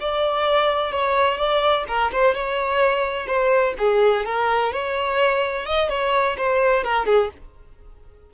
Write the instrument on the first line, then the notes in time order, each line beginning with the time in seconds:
violin
0.00 D5
0.92 C#5
1.37 D5
1.88 A#4
2.12 C5
2.35 C#5
3.27 C5
3.78 G#4
4.25 A#4
4.72 C#5
5.66 D#5
5.89 C#5
6.37 C5
6.84 A#4
7.06 G#4